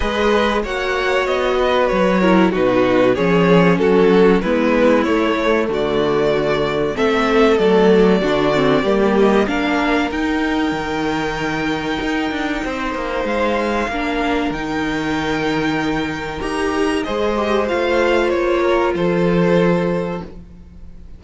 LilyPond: <<
  \new Staff \with { instrumentName = "violin" } { \time 4/4 \tempo 4 = 95 dis''4 fis''4 dis''4 cis''4 | b'4 cis''4 a'4 b'4 | cis''4 d''2 e''4 | d''2~ d''8 dis''8 f''4 |
g''1~ | g''4 f''2 g''4~ | g''2 ais''4 dis''4 | f''4 cis''4 c''2 | }
  \new Staff \with { instrumentName = "violin" } { \time 4/4 b'4 cis''4. b'4 ais'8 | fis'4 gis'4 fis'4 e'4~ | e'4 fis'2 a'4~ | a'4 fis'4 g'4 ais'4~ |
ais'1 | c''2 ais'2~ | ais'2. c''4~ | c''4. ais'8 a'2 | }
  \new Staff \with { instrumentName = "viola" } { \time 4/4 gis'4 fis'2~ fis'8 e'8 | dis'4 cis'2 b4 | a2. c'4 | a4 d'8 c'8 ais4 d'4 |
dis'1~ | dis'2 d'4 dis'4~ | dis'2 g'4 gis'8 g'8 | f'1 | }
  \new Staff \with { instrumentName = "cello" } { \time 4/4 gis4 ais4 b4 fis4 | b,4 f4 fis4 gis4 | a4 d2 a4 | fis4 d4 g4 ais4 |
dis'4 dis2 dis'8 d'8 | c'8 ais8 gis4 ais4 dis4~ | dis2 dis'4 gis4 | a4 ais4 f2 | }
>>